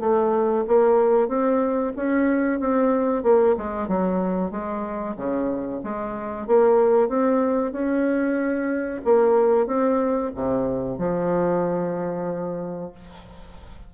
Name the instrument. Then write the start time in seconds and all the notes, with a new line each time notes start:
bassoon
0.00 A3
0.68 A#3
1.28 C4
1.96 C#4
2.60 C4
3.23 A#3
3.58 G#3
3.88 F#3
4.51 G#3
5.17 C#3
5.84 G#3
6.47 A#3
7.09 C4
7.72 C#4
9.05 A#3
9.67 C4
10.35 C3
10.99 F3